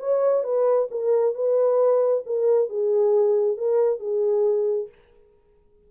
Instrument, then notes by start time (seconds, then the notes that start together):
horn
0.00 C#5
0.44 B4
0.91 A#4
1.35 B4
2.26 A#4
2.69 G#4
3.57 A#4
4.00 G#4